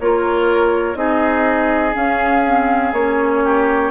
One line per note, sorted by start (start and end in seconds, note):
0.00 0.95 A#3
0.00 0.95 F4
0.00 0.98 A#4
0.00 0.96 C#5
0.95 1.93 C4
0.95 1.93 D#4
0.95 3.44 G#4
0.95 1.94 D#5
1.93 2.42 C#4
1.93 2.93 C#4
1.93 2.93 F5
2.45 2.95 C4
2.93 3.91 A#3
2.93 3.91 C#4
2.93 3.91 C#5
3.44 3.91 G4